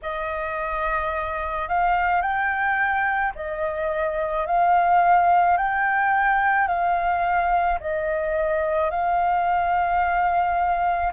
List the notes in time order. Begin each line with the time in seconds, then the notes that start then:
0.02 D#5
1.68 F5
2.21 G5
3.35 D#5
4.46 F5
5.57 G5
6.67 F5
7.80 D#5
8.90 F5